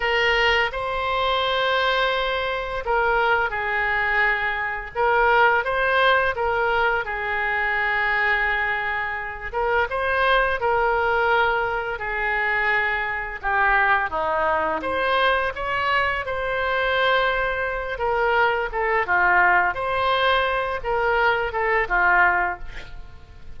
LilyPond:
\new Staff \with { instrumentName = "oboe" } { \time 4/4 \tempo 4 = 85 ais'4 c''2. | ais'4 gis'2 ais'4 | c''4 ais'4 gis'2~ | gis'4. ais'8 c''4 ais'4~ |
ais'4 gis'2 g'4 | dis'4 c''4 cis''4 c''4~ | c''4. ais'4 a'8 f'4 | c''4. ais'4 a'8 f'4 | }